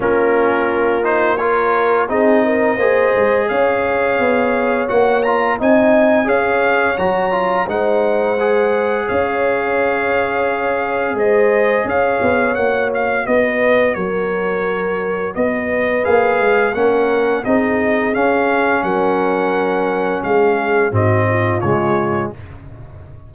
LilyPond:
<<
  \new Staff \with { instrumentName = "trumpet" } { \time 4/4 \tempo 4 = 86 ais'4. c''8 cis''4 dis''4~ | dis''4 f''2 fis''8 ais''8 | gis''4 f''4 ais''4 fis''4~ | fis''4 f''2. |
dis''4 f''4 fis''8 f''8 dis''4 | cis''2 dis''4 f''4 | fis''4 dis''4 f''4 fis''4~ | fis''4 f''4 dis''4 cis''4 | }
  \new Staff \with { instrumentName = "horn" } { \time 4/4 f'2 ais'4 gis'8 ais'8 | c''4 cis''2. | dis''4 cis''2 c''4~ | c''4 cis''2. |
c''4 cis''2 b'4 | ais'2 b'2 | ais'4 gis'2 ais'4~ | ais'4 gis'4 fis'8 f'4. | }
  \new Staff \with { instrumentName = "trombone" } { \time 4/4 cis'4. dis'8 f'4 dis'4 | gis'2. fis'8 f'8 | dis'4 gis'4 fis'8 f'8 dis'4 | gis'1~ |
gis'2 fis'2~ | fis'2. gis'4 | cis'4 dis'4 cis'2~ | cis'2 c'4 gis4 | }
  \new Staff \with { instrumentName = "tuba" } { \time 4/4 ais2. c'4 | ais8 gis8 cis'4 b4 ais4 | c'4 cis'4 fis4 gis4~ | gis4 cis'2. |
gis4 cis'8 b8 ais4 b4 | fis2 b4 ais8 gis8 | ais4 c'4 cis'4 fis4~ | fis4 gis4 gis,4 cis4 | }
>>